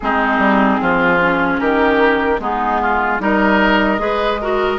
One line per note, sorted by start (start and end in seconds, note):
0.00 0.38 G#3
0.00 1.20 C4
0.00 0.80 D#4
0.00 1.59 G#4
0.38 0.78 G3
0.80 1.60 F3
0.80 1.60 F4
1.20 2.40 C#4
1.59 2.39 D#3
1.59 2.40 G4
1.59 2.39 A#4
2.39 3.19 G#3
2.39 3.19 B3
2.39 2.81 D#4
2.39 3.21 G#4
2.81 3.21 F4
3.19 3.98 G3
3.19 3.98 D#4
3.19 4.01 A#4
3.19 4.78 D#5
3.98 4.78 G#3
3.98 4.38 G#4
3.98 4.41 B4
4.41 4.78 F#4
4.41 4.78 A#4